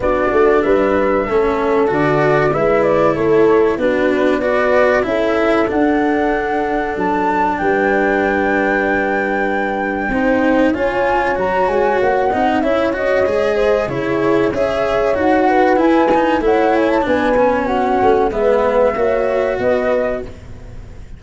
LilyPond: <<
  \new Staff \with { instrumentName = "flute" } { \time 4/4 \tempo 4 = 95 d''4 e''2 d''4 | e''8 d''8 cis''4 b'4 d''4 | e''4 fis''2 a''4 | g''1~ |
g''4 gis''4 ais''8 gis''8 fis''4 | e''8 dis''4. cis''4 e''4 | fis''4 gis''4 fis''8 gis''16 a''16 gis''4 | fis''4 e''2 dis''4 | }
  \new Staff \with { instrumentName = "horn" } { \time 4/4 fis'4 b'4 a'2 | b'4 a'4 fis'4 b'4 | a'1 | b'1 |
c''4 cis''2~ cis''8 dis''8 | cis''4. c''8 gis'4 cis''4~ | cis''8 b'4. cis''4 b'4 | fis'4 b'4 cis''4 b'4 | }
  \new Staff \with { instrumentName = "cello" } { \time 4/4 d'2 cis'4 fis'4 | e'2 d'4 fis'4 | e'4 d'2.~ | d'1 |
dis'4 f'4 fis'4. dis'8 | e'8 fis'8 gis'4 e'4 gis'4 | fis'4 e'8 dis'8 e'4 d'8 cis'8~ | cis'4 b4 fis'2 | }
  \new Staff \with { instrumentName = "tuba" } { \time 4/4 b8 a8 g4 a4 d4 | gis4 a4 b2 | cis'4 d'2 fis4 | g1 |
c'4 cis'4 fis8 gis8 ais8 c'8 | cis'4 gis4 cis4 cis'4 | dis'4 e'4 a4 b4~ | b8 a8 gis4 ais4 b4 | }
>>